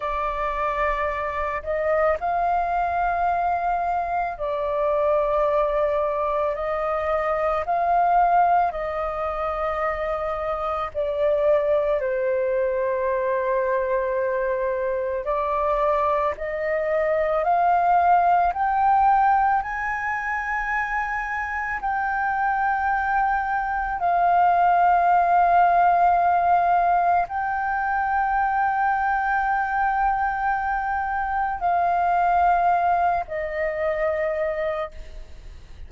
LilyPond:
\new Staff \with { instrumentName = "flute" } { \time 4/4 \tempo 4 = 55 d''4. dis''8 f''2 | d''2 dis''4 f''4 | dis''2 d''4 c''4~ | c''2 d''4 dis''4 |
f''4 g''4 gis''2 | g''2 f''2~ | f''4 g''2.~ | g''4 f''4. dis''4. | }